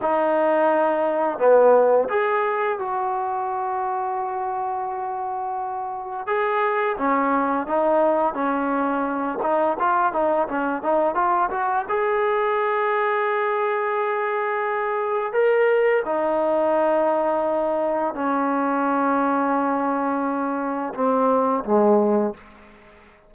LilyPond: \new Staff \with { instrumentName = "trombone" } { \time 4/4 \tempo 4 = 86 dis'2 b4 gis'4 | fis'1~ | fis'4 gis'4 cis'4 dis'4 | cis'4. dis'8 f'8 dis'8 cis'8 dis'8 |
f'8 fis'8 gis'2.~ | gis'2 ais'4 dis'4~ | dis'2 cis'2~ | cis'2 c'4 gis4 | }